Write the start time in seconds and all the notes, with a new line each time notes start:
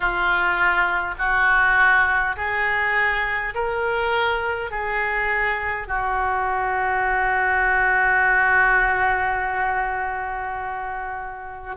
0.00 F4
1.18 F#4
2.36 G#4
3.54 A#4
4.71 G#4
5.87 F#4